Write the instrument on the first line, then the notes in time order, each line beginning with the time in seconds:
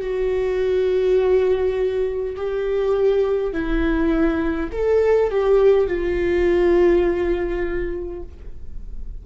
viola
0.00 F#4
2.36 G4
3.52 E4
4.72 A4
5.30 G4
5.87 F4